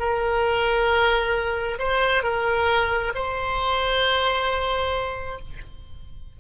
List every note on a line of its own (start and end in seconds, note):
0.00 1.79 A#4
1.79 2.24 C5
2.24 3.13 A#4
3.15 5.39 C5